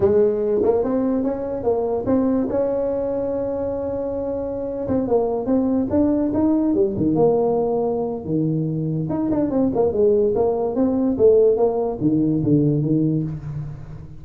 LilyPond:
\new Staff \with { instrumentName = "tuba" } { \time 4/4 \tempo 4 = 145 gis4. ais8 c'4 cis'4 | ais4 c'4 cis'2~ | cis'2.~ cis'8. c'16~ | c'16 ais4 c'4 d'4 dis'8.~ |
dis'16 g8 dis8 ais2~ ais8. | dis2 dis'8 d'8 c'8 ais8 | gis4 ais4 c'4 a4 | ais4 dis4 d4 dis4 | }